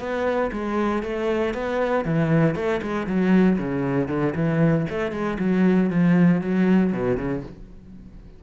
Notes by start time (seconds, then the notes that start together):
0.00 B3
0.52 G#3
1.03 A3
1.54 B3
2.05 E3
2.56 A3
2.83 G#3
3.07 F#3
3.59 C#3
4.09 D3
4.35 E3
4.90 A3
5.12 G#3
5.39 F#3
5.90 F3
6.42 F#3
6.93 B2
7.18 C#3